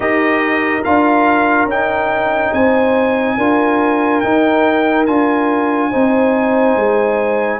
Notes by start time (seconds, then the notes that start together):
0.00 D#4 G4 A#4 D#5
0.84 D4 F4 F5
1.65 C#4 D#4 G5
2.52 C4 C5 G#5
3.37 D4 F4 A#4
4.20 D#4 G5
5.06 D4 F4 G#5
5.90 C4 D#4 C5
6.76 G#3